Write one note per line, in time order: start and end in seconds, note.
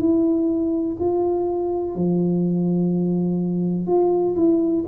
0.00 0.97 E4
0.99 1.95 F4
1.95 3.87 F3
3.87 4.35 F4
4.36 4.85 E4